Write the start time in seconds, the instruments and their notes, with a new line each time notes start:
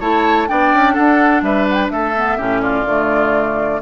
0.00 bassoon A3, clarinet E4, oboe C#5, flute A5
0.48 bassoon B3, clarinet D4, oboe D5, flute G5
0.73 bassoon C#4
0.93 bassoon D4, oboe A4, flute F#5
1.42 bassoon G3, oboe B4, flute E5
1.69 flute F#5 G5
1.90 bassoon A3, oboe A4, flute E5
2.16 clarinet B3
2.37 bassoon A2, clarinet C#4, oboe G4
2.61 oboe F4, flute D5
2.85 bassoon D3, clarinet A3